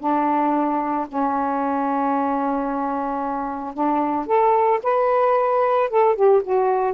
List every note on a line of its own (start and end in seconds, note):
0.00 1.07 D4
1.08 3.74 C#4
3.74 4.26 D4
4.26 4.80 A4
4.83 5.90 B4
5.90 6.16 A4
6.16 6.42 G4
6.44 6.94 F#4